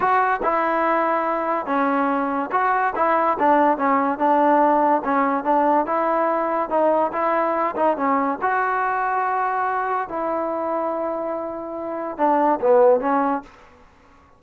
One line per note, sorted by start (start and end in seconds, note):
0.00 0.40 F#4
0.42 1.66 E4
1.66 2.49 C#4
2.51 2.93 F#4
2.95 3.37 E4
3.39 3.77 D4
3.77 4.18 C#4
4.18 5.02 D4
5.04 5.43 C#4
5.43 5.85 D4
5.85 6.69 E4
6.69 7.11 D#4
7.12 7.75 E4
7.76 7.96 D#4
7.96 8.38 C#4
8.41 10.09 F#4
10.09 12.17 E4
12.17 12.59 D4
12.60 13.00 B3
13.00 13.42 C#4